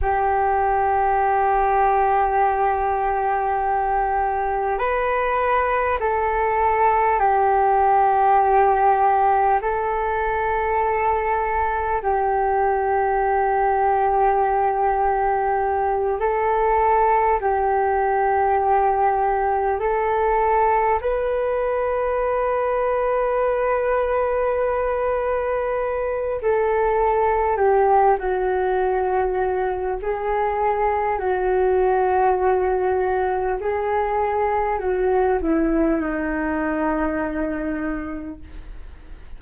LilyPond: \new Staff \with { instrumentName = "flute" } { \time 4/4 \tempo 4 = 50 g'1 | b'4 a'4 g'2 | a'2 g'2~ | g'4. a'4 g'4.~ |
g'8 a'4 b'2~ b'8~ | b'2 a'4 g'8 fis'8~ | fis'4 gis'4 fis'2 | gis'4 fis'8 e'8 dis'2 | }